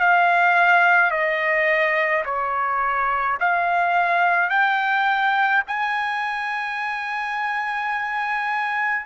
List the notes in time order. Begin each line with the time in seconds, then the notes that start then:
0.00 F5
1.11 D#5
2.25 C#5
3.40 F5
4.49 G5
5.67 G#5